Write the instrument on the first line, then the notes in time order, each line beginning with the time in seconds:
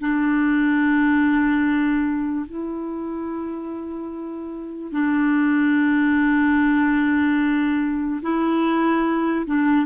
clarinet
0.00 D4
2.45 E4
4.92 D4
8.22 E4
9.46 D4